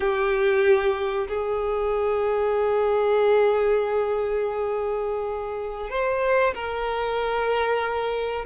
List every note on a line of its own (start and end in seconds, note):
0.00 1.27 G4
1.28 5.90 G#4
5.90 6.54 C5
6.54 8.45 A#4